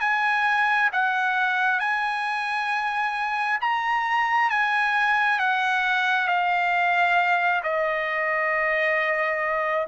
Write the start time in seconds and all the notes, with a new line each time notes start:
0.00 G#5
0.92 F#5
1.80 G#5
3.61 A#5
4.50 G#5
5.39 F#5
6.27 F5
7.63 D#5